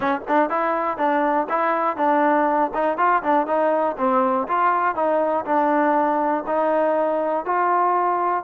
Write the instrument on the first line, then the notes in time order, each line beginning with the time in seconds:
trombone
0.00 C#4
0.28 D4
0.49 E4
0.97 D4
1.49 E4
1.96 D4
2.74 D#4
2.97 F4
3.22 D4
3.47 D#4
3.97 C4
4.48 F4
4.95 D#4
5.45 D4
6.46 D#4
7.45 F4